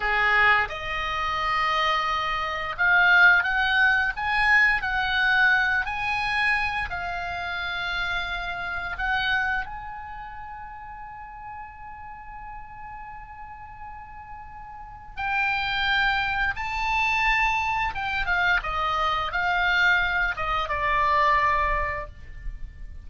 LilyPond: \new Staff \with { instrumentName = "oboe" } { \time 4/4 \tempo 4 = 87 gis'4 dis''2. | f''4 fis''4 gis''4 fis''4~ | fis''8 gis''4. f''2~ | f''4 fis''4 gis''2~ |
gis''1~ | gis''2 g''2 | a''2 g''8 f''8 dis''4 | f''4. dis''8 d''2 | }